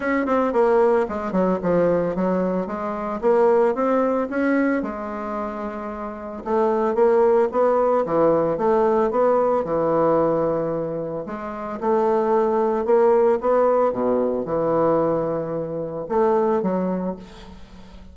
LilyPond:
\new Staff \with { instrumentName = "bassoon" } { \time 4/4 \tempo 4 = 112 cis'8 c'8 ais4 gis8 fis8 f4 | fis4 gis4 ais4 c'4 | cis'4 gis2. | a4 ais4 b4 e4 |
a4 b4 e2~ | e4 gis4 a2 | ais4 b4 b,4 e4~ | e2 a4 fis4 | }